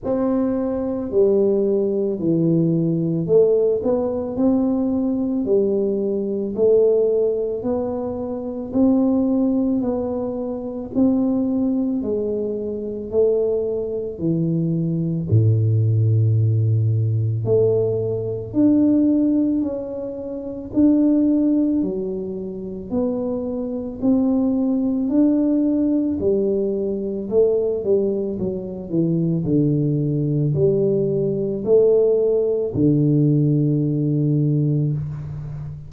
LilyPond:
\new Staff \with { instrumentName = "tuba" } { \time 4/4 \tempo 4 = 55 c'4 g4 e4 a8 b8 | c'4 g4 a4 b4 | c'4 b4 c'4 gis4 | a4 e4 a,2 |
a4 d'4 cis'4 d'4 | fis4 b4 c'4 d'4 | g4 a8 g8 fis8 e8 d4 | g4 a4 d2 | }